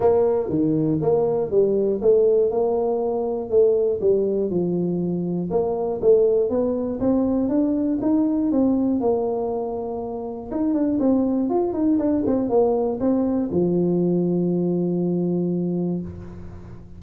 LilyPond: \new Staff \with { instrumentName = "tuba" } { \time 4/4 \tempo 4 = 120 ais4 dis4 ais4 g4 | a4 ais2 a4 | g4 f2 ais4 | a4 b4 c'4 d'4 |
dis'4 c'4 ais2~ | ais4 dis'8 d'8 c'4 f'8 dis'8 | d'8 c'8 ais4 c'4 f4~ | f1 | }